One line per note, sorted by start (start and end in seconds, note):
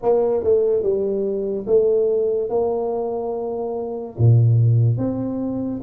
0.02 0.43 A#3
0.43 0.83 A3
0.83 1.66 G3
1.67 2.49 A3
2.49 4.16 A#3
4.17 4.97 A#2
4.97 5.81 C4